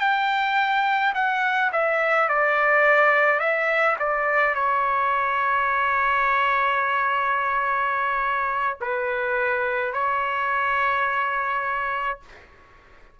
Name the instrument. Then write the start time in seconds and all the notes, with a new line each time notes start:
trumpet
0.00 G5
1.14 F#5
1.72 E5
2.29 D5
3.40 E5
3.99 D5
4.55 C#5
8.81 B4
9.93 C#5